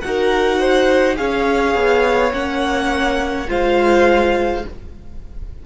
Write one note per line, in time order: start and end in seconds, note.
0.00 1.19 D#4
0.00 1.15 F#4
0.00 1.15 F#5
0.07 0.59 A#4
0.59 1.17 C5
1.15 1.75 C#4
1.15 2.31 G#4
1.15 3.49 C#5
1.15 2.32 F5
1.75 2.32 B3
2.31 3.48 A#3
2.31 3.46 C#4
2.31 3.49 F#5
3.47 4.64 G#3
3.47 4.62 F4
3.47 4.65 C5
3.47 4.66 F5